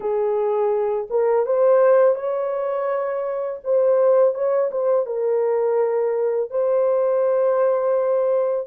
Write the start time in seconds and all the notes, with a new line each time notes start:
0.00 G#4
1.09 A#4
1.46 C5
2.15 C#5
3.63 C5
4.34 C#5
4.71 C5
5.06 A#4
6.50 C5